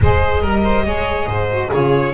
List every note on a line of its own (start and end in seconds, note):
0.01 0.43 G#3
0.01 0.45 G#4
0.01 0.41 C5
0.01 1.72 D#5
0.41 0.86 G3
0.41 0.62 A#4
0.41 0.84 A#4
0.63 0.85 C5
0.84 1.26 G#3
0.84 1.48 G#4
0.84 1.28 C#5
1.26 1.69 G#2
1.26 1.69 C5
1.49 1.70 F#4
1.69 2.13 C#3
1.69 2.13 F4
1.69 2.12 G#4
1.69 2.13 C#5